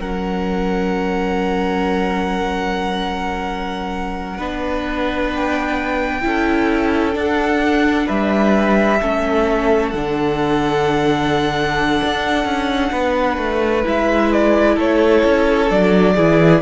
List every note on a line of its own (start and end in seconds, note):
0.00 4.38 F#3
0.00 4.39 C#4
0.00 4.37 A#4
0.00 5.31 F#5
4.37 6.23 B3
4.37 6.22 D4
4.37 6.21 B4
5.35 7.17 G5
6.22 7.15 C#4
6.22 7.12 E4
6.22 8.06 A4
7.12 8.97 D4
7.12 8.08 D4
7.12 8.08 F#5
8.06 9.01 G3
8.06 8.98 B4
8.06 9.89 E5
9.01 9.93 A3
9.01 9.93 C#4
9.01 12.92 A4
9.89 12.01 D3
9.89 13.84 D4
9.89 13.82 F#5
12.04 12.45 D4
12.45 12.91 C#4
12.92 13.37 B3
12.92 14.75 B4
13.37 13.83 A3
13.84 14.77 G#3
13.84 15.68 E4
13.84 14.32 E5
14.32 14.78 D5
14.75 15.23 A3
14.75 16.14 A4
14.75 15.70 C#5
15.24 15.71 C#4
15.69 16.17 F#3
15.69 16.15 D4
15.69 16.62 D5
16.15 16.62 E3
16.15 16.62 E4
16.15 16.61 G#4